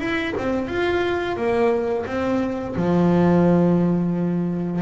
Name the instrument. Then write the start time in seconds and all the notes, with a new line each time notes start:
double bass
0.00 E4
0.38 C4
0.68 F4
1.37 A#3
2.07 C4
2.76 F3